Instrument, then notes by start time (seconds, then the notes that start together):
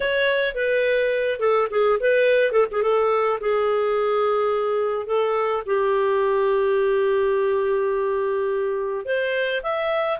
clarinet
0.00 C#5
0.54 B4
1.39 A4
1.70 G#4
1.99 B4
2.52 A4
2.71 G#4
2.82 A4
3.40 G#4
5.06 A4
5.66 G4
9.05 C5
9.62 E5